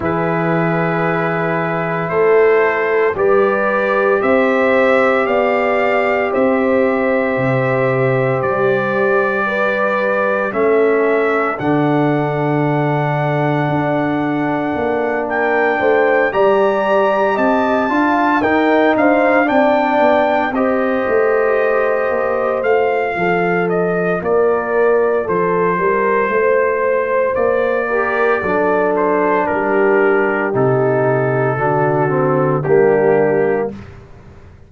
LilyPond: <<
  \new Staff \with { instrumentName = "trumpet" } { \time 4/4 \tempo 4 = 57 b'2 c''4 d''4 | e''4 f''4 e''2 | d''2 e''4 fis''4~ | fis''2~ fis''8 g''4 ais''8~ |
ais''8 a''4 g''8 f''8 g''4 dis''8~ | dis''4. f''4 dis''8 d''4 | c''2 d''4. c''8 | ais'4 a'2 g'4 | }
  \new Staff \with { instrumentName = "horn" } { \time 4/4 gis'2 a'4 b'4 | c''4 d''4 c''2~ | c''4 b'4 a'2~ | a'2~ a'8 ais'8 c''8 d''8~ |
d''8 dis''8 f''8 ais'8 c''8 d''4 c''8~ | c''2 a'4 ais'4 | a'8 ais'8 c''4. ais'8 a'4 | g'2 fis'4 d'4 | }
  \new Staff \with { instrumentName = "trombone" } { \time 4/4 e'2. g'4~ | g'1~ | g'2 cis'4 d'4~ | d'2.~ d'8 g'8~ |
g'4 f'8 dis'4 d'4 g'8~ | g'4. f'2~ f'8~ | f'2~ f'8 g'8 d'4~ | d'4 dis'4 d'8 c'8 ais4 | }
  \new Staff \with { instrumentName = "tuba" } { \time 4/4 e2 a4 g4 | c'4 b4 c'4 c4 | g2 a4 d4~ | d4 d'4 ais4 a8 g8~ |
g8 c'8 d'8 dis'8 d'8 c'8 b8 c'8 | a4 ais8 a8 f4 ais4 | f8 g8 a4 ais4 fis4 | g4 c4 d4 g4 | }
>>